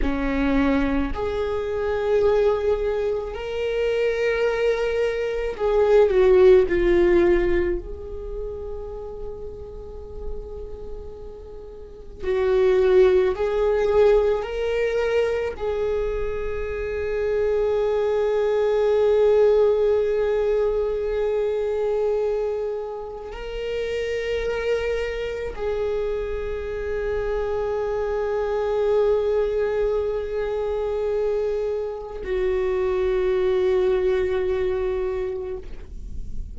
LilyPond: \new Staff \with { instrumentName = "viola" } { \time 4/4 \tempo 4 = 54 cis'4 gis'2 ais'4~ | ais'4 gis'8 fis'8 f'4 gis'4~ | gis'2. fis'4 | gis'4 ais'4 gis'2~ |
gis'1~ | gis'4 ais'2 gis'4~ | gis'1~ | gis'4 fis'2. | }